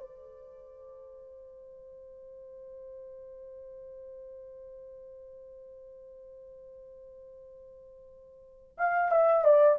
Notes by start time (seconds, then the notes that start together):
0.00 C5
8.78 F5
9.12 E5
9.45 D5